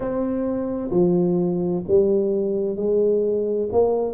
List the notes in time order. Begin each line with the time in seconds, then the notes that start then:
0.00 C4
0.90 F3
1.87 G3
2.76 G#3
3.72 A#3